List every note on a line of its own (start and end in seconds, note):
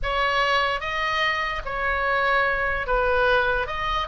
0.02 0.80 C#5
0.80 1.62 D#5
1.65 2.86 C#5
2.86 3.67 B4
3.67 4.07 D#5